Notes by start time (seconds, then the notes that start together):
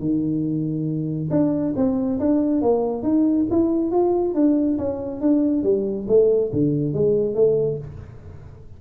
0.00 D#3
1.30 D4
1.76 C4
2.20 D4
2.62 A#3
3.03 D#4
3.50 E4
3.91 F4
4.35 D4
4.78 C#4
5.21 D4
5.64 G3
6.08 A3
6.53 D3
6.94 G#3
7.35 A3